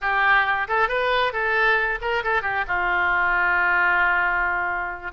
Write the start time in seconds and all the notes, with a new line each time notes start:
0.01 G4
0.68 A4
0.88 B4
1.32 A4
2.01 A#4
2.23 A4
2.42 G4
2.67 F4